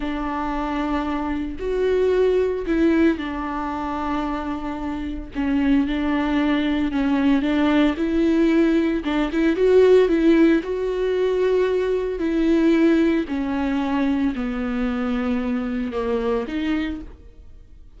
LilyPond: \new Staff \with { instrumentName = "viola" } { \time 4/4 \tempo 4 = 113 d'2. fis'4~ | fis'4 e'4 d'2~ | d'2 cis'4 d'4~ | d'4 cis'4 d'4 e'4~ |
e'4 d'8 e'8 fis'4 e'4 | fis'2. e'4~ | e'4 cis'2 b4~ | b2 ais4 dis'4 | }